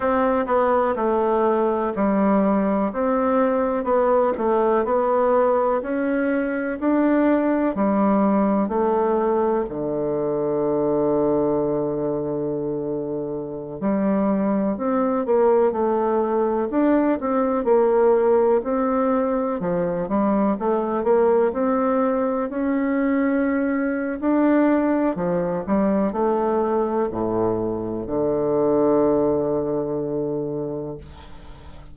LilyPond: \new Staff \with { instrumentName = "bassoon" } { \time 4/4 \tempo 4 = 62 c'8 b8 a4 g4 c'4 | b8 a8 b4 cis'4 d'4 | g4 a4 d2~ | d2~ d16 g4 c'8 ais16~ |
ais16 a4 d'8 c'8 ais4 c'8.~ | c'16 f8 g8 a8 ais8 c'4 cis'8.~ | cis'4 d'4 f8 g8 a4 | a,4 d2. | }